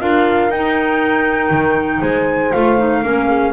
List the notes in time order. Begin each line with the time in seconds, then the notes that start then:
0.00 D4 F4 A#4 F5
0.49 D#4 G5
1.50 D#3
2.00 G#3 C5 G#5
2.52 A3 F4 F5
2.78 D#4
3.03 A#3 C#4 A#4
3.28 G#4